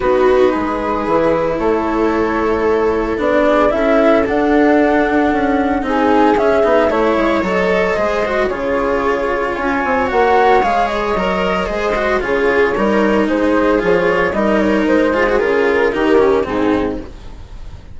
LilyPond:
<<
  \new Staff \with { instrumentName = "flute" } { \time 4/4 \tempo 4 = 113 b'2. cis''4~ | cis''2 d''4 e''4 | fis''2. gis''4 | e''4 cis''4 dis''2 |
cis''2 gis''4 fis''4 | f''8 dis''2~ dis''8 cis''4~ | cis''4 c''4 cis''4 dis''8 cis''8 | c''4 ais'2 gis'4 | }
  \new Staff \with { instrumentName = "viola" } { \time 4/4 fis'4 gis'2 a'4~ | a'2~ a'8 gis'8 a'4~ | a'2. gis'4~ | gis'4 cis''2 c''4 |
gis'2 cis''2~ | cis''2 c''4 gis'4 | ais'4 gis'2 ais'4~ | ais'8 gis'4. g'4 dis'4 | }
  \new Staff \with { instrumentName = "cello" } { \time 4/4 dis'2 e'2~ | e'2 d'4 e'4 | d'2. dis'4 | cis'8 dis'8 e'4 a'4 gis'8 fis'8 |
f'2. fis'4 | gis'4 ais'4 gis'8 fis'8 f'4 | dis'2 f'4 dis'4~ | dis'8 f'16 fis'16 f'4 dis'8 cis'8 c'4 | }
  \new Staff \with { instrumentName = "bassoon" } { \time 4/4 b4 gis4 e4 a4~ | a2 b4 cis'4 | d'2 cis'4 c'4 | cis'8 b8 a8 gis8 fis4 gis4 |
cis2 cis'8 c'8 ais4 | gis4 fis4 gis4 cis4 | g4 gis4 f4 g4 | gis4 cis4 dis4 gis,4 | }
>>